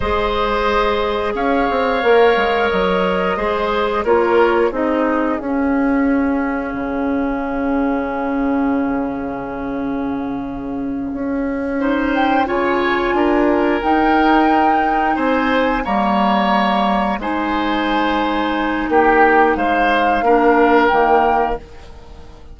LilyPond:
<<
  \new Staff \with { instrumentName = "flute" } { \time 4/4 \tempo 4 = 89 dis''2 f''2 | dis''2 cis''4 dis''4 | f''1~ | f''1~ |
f''2 g''8 gis''4.~ | gis''8 g''2 gis''4 ais''8~ | ais''4. gis''2~ gis''8 | g''4 f''2 g''4 | }
  \new Staff \with { instrumentName = "oboe" } { \time 4/4 c''2 cis''2~ | cis''4 c''4 ais'4 gis'4~ | gis'1~ | gis'1~ |
gis'4. c''4 cis''4 ais'8~ | ais'2~ ais'8 c''4 cis''8~ | cis''4. c''2~ c''8 | g'4 c''4 ais'2 | }
  \new Staff \with { instrumentName = "clarinet" } { \time 4/4 gis'2. ais'4~ | ais'4 gis'4 f'4 dis'4 | cis'1~ | cis'1~ |
cis'4. dis'4 f'4.~ | f'8 dis'2. ais8~ | ais4. dis'2~ dis'8~ | dis'2 d'4 ais4 | }
  \new Staff \with { instrumentName = "bassoon" } { \time 4/4 gis2 cis'8 c'8 ais8 gis8 | fis4 gis4 ais4 c'4 | cis'2 cis2~ | cis1~ |
cis8 cis'2 cis4 d'8~ | d'8 dis'2 c'4 g8~ | g4. gis2~ gis8 | ais4 gis4 ais4 dis4 | }
>>